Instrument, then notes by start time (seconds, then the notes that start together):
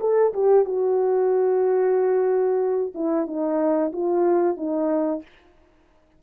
horn
0.00 A4
0.33 G4
0.65 F#4
2.94 E4
3.26 D#4
3.92 F4
4.57 D#4